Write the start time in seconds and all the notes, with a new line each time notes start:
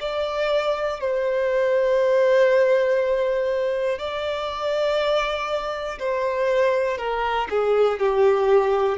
0.00 D5
1.00 C5
3.99 D5
6.00 C5
6.98 A#4
7.50 G#4
8.00 G4